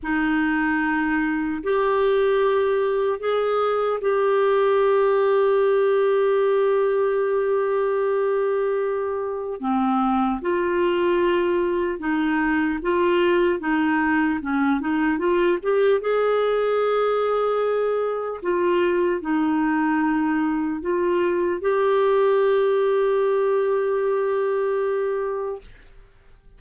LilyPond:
\new Staff \with { instrumentName = "clarinet" } { \time 4/4 \tempo 4 = 75 dis'2 g'2 | gis'4 g'2.~ | g'1 | c'4 f'2 dis'4 |
f'4 dis'4 cis'8 dis'8 f'8 g'8 | gis'2. f'4 | dis'2 f'4 g'4~ | g'1 | }